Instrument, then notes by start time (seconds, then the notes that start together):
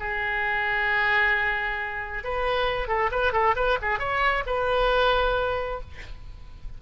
oboe
0.00 G#4
2.24 B4
2.88 A4
3.12 B4
3.33 A4
3.56 B4
3.82 G#4
3.99 C#5
4.47 B4